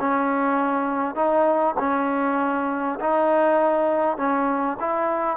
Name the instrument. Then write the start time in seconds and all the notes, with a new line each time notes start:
trombone
0.00 C#4
1.16 D#4
1.80 C#4
3.01 D#4
4.18 C#4
4.81 E4